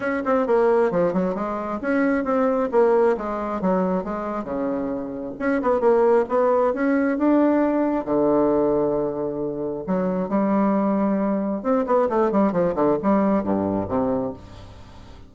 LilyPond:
\new Staff \with { instrumentName = "bassoon" } { \time 4/4 \tempo 4 = 134 cis'8 c'8 ais4 f8 fis8 gis4 | cis'4 c'4 ais4 gis4 | fis4 gis4 cis2 | cis'8 b8 ais4 b4 cis'4 |
d'2 d2~ | d2 fis4 g4~ | g2 c'8 b8 a8 g8 | f8 d8 g4 g,4 c4 | }